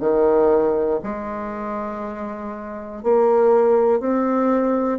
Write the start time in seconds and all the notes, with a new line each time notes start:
0.00 D#3
1.03 G#3
3.03 A#3
4.00 C4